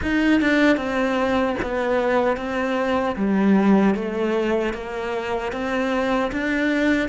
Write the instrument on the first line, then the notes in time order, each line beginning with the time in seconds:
cello
0.02 D#4
0.41 D4
0.76 C4
1.61 B3
2.36 C4
3.15 G3
3.94 A3
4.73 A#3
5.52 C4
6.32 D4